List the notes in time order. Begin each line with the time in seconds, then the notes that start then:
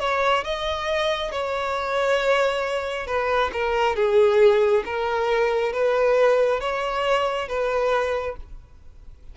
0.00 C#5
0.44 D#5
1.32 C#5
3.07 B4
3.53 A#4
3.96 G#4
4.85 A#4
5.73 B4
6.61 C#5
7.48 B4